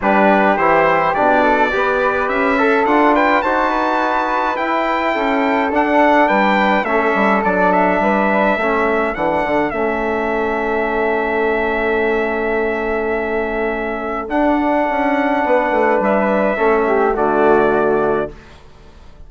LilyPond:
<<
  \new Staff \with { instrumentName = "trumpet" } { \time 4/4 \tempo 4 = 105 b'4 c''4 d''2 | e''4 fis''8 g''8 a''2 | g''2 fis''4 g''4 | e''4 d''8 e''2~ e''8 |
fis''4 e''2.~ | e''1~ | e''4 fis''2. | e''2 d''2 | }
  \new Staff \with { instrumentName = "flute" } { \time 4/4 g'2~ g'8 a'8 b'4~ | b'8 a'4 b'8 c''8 b'4.~ | b'4 a'2 b'4 | a'2 b'4 a'4~ |
a'1~ | a'1~ | a'2. b'4~ | b'4 a'8 g'8 fis'2 | }
  \new Staff \with { instrumentName = "trombone" } { \time 4/4 d'4 e'4 d'4 g'4~ | g'8 a'8 f'4 fis'2 | e'2 d'2 | cis'4 d'2 cis'4 |
d'4 cis'2.~ | cis'1~ | cis'4 d'2.~ | d'4 cis'4 a2 | }
  \new Staff \with { instrumentName = "bassoon" } { \time 4/4 g4 e4 b,4 b4 | cis'4 d'4 dis'2 | e'4 cis'4 d'4 g4 | a8 g8 fis4 g4 a4 |
e8 d8 a2.~ | a1~ | a4 d'4 cis'4 b8 a8 | g4 a4 d2 | }
>>